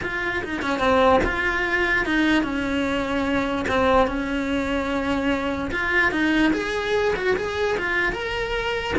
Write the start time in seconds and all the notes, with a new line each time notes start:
0.02 F4
0.44 D#4
0.62 C#4
0.79 C4
1.24 F4
2.05 D#4
2.43 C#4
3.68 C4
4.07 C#4
5.71 F4
6.11 D#4
6.53 G#4
7.16 F#4
7.36 G#4
7.78 F4
8.12 A#4